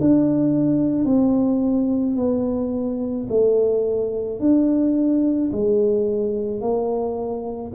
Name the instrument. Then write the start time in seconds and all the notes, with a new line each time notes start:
tuba
0.00 D4
1.05 C4
2.16 B3
3.29 A3
4.39 D4
5.52 G#3
6.60 A#3